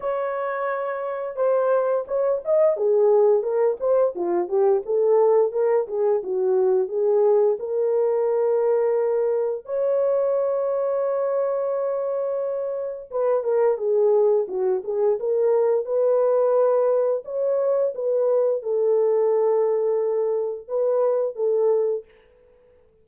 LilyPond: \new Staff \with { instrumentName = "horn" } { \time 4/4 \tempo 4 = 87 cis''2 c''4 cis''8 dis''8 | gis'4 ais'8 c''8 f'8 g'8 a'4 | ais'8 gis'8 fis'4 gis'4 ais'4~ | ais'2 cis''2~ |
cis''2. b'8 ais'8 | gis'4 fis'8 gis'8 ais'4 b'4~ | b'4 cis''4 b'4 a'4~ | a'2 b'4 a'4 | }